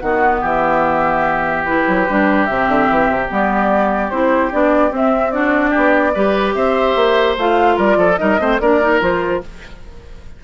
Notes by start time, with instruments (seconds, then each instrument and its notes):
0.00 bassoon D#3, clarinet B3, oboe F#4, flute F#5
0.41 bassoon E3, oboe G4, flute E5
1.65 clarinet E4, flute B4
1.88 bassoon F#3
2.09 bassoon G3, clarinet D4
2.45 bassoon C3, clarinet C4, flute E5
2.68 bassoon D3
2.90 bassoon E3
3.09 bassoon C3
3.29 bassoon G3, clarinet B3, flute D5
4.11 bassoon C4, clarinet E4, flute C5
4.52 bassoon B3, clarinet D4, flute D5
4.90 clarinet C4, bassoon C4, flute E5
5.31 clarinet D4, oboe F#4, flute D5
5.70 oboe G4
5.77 bassoon B3
6.14 bassoon G3, clarinet G4, oboe B4
6.54 bassoon C4, oboe C5, flute E5
6.96 bassoon A#3
7.38 bassoon A3, clarinet F4, flute F5
7.76 bassoon G3, oboe A#4, flute D5
7.97 bassoon F3, oboe A4
8.17 bassoon G3, clarinet D#4, oboe A#4, flute D#5
8.39 bassoon A3, clarinet C4, oboe C5
8.60 bassoon A#3, clarinet D4, oboe A#4, flute D5
8.81 clarinet D#4
9.01 bassoon F3, clarinet F4, flute C5